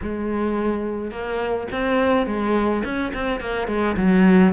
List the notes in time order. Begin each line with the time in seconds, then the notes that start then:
0.02 G#3
1.11 A#3
1.71 C4
2.26 G#3
2.84 C#4
3.14 C4
3.40 A#3
3.67 G#3
3.96 F#3